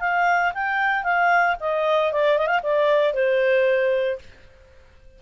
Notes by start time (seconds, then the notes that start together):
0.00 F5
0.54 G5
1.04 F5
1.60 D#5
2.12 D5
2.38 D#5
2.47 F5
2.63 D5
3.14 C5